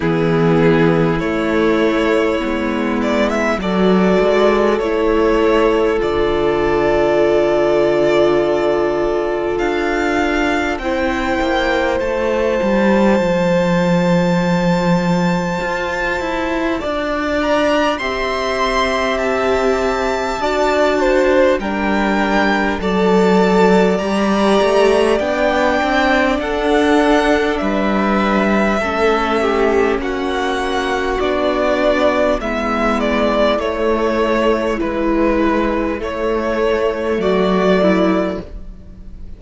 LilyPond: <<
  \new Staff \with { instrumentName = "violin" } { \time 4/4 \tempo 4 = 50 gis'4 cis''4. d''16 e''16 d''4 | cis''4 d''2. | f''4 g''4 a''2~ | a''2~ a''8 ais''8 c'''4 |
a''2 g''4 a''4 | ais''4 g''4 fis''4 e''4~ | e''4 fis''4 d''4 e''8 d''8 | cis''4 b'4 cis''4 d''4 | }
  \new Staff \with { instrumentName = "violin" } { \time 4/4 e'2. a'4~ | a'1~ | a'4 c''2.~ | c''2 d''4 e''4~ |
e''4 d''8 c''8 ais'4 d''4~ | d''2 a'4 b'4 | a'8 g'8 fis'2 e'4~ | e'2. fis'8 e'8 | }
  \new Staff \with { instrumentName = "viola" } { \time 4/4 b4 a4 b4 fis'4 | e'4 f'2.~ | f'4 e'4 f'2~ | f'2. g'4~ |
g'4 fis'4 d'4 a'4 | g'4 d'2. | cis'2 d'4 b4 | a4 e4 a2 | }
  \new Staff \with { instrumentName = "cello" } { \time 4/4 e4 a4 gis4 fis8 gis8 | a4 d2. | d'4 c'8 ais8 a8 g8 f4~ | f4 f'8 e'8 d'4 c'4~ |
c'4 d'4 g4 fis4 | g8 a8 b8 c'8 d'4 g4 | a4 ais4 b4 gis4 | a4 gis4 a4 fis4 | }
>>